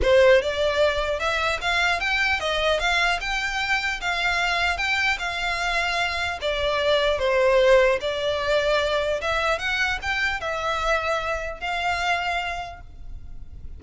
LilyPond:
\new Staff \with { instrumentName = "violin" } { \time 4/4 \tempo 4 = 150 c''4 d''2 e''4 | f''4 g''4 dis''4 f''4 | g''2 f''2 | g''4 f''2. |
d''2 c''2 | d''2. e''4 | fis''4 g''4 e''2~ | e''4 f''2. | }